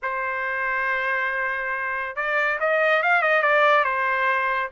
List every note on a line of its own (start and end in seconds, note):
0.02 2.15 C5
2.15 2.58 D5
2.60 3.02 D#5
3.02 3.22 F5
3.22 3.42 D#5
3.42 3.84 D5
3.84 4.69 C5